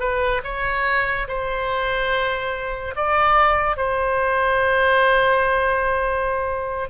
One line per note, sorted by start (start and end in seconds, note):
0.00 0.42 B4
0.44 1.28 C#5
1.28 2.95 C5
2.96 3.77 D5
3.77 6.89 C5